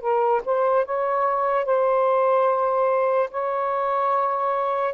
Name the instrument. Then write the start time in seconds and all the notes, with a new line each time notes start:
saxophone
0.00 A#4
0.45 C5
0.85 C#5
1.65 C5
3.31 C#5